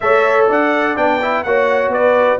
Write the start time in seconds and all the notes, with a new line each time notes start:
0.00 A3 A4 C#5 E5
0.48 D4 D5 F#5
0.96 B3 D4 G5
1.22 E4
1.43 A#3 F#4 C#5 F#5
1.88 B3 B4 D5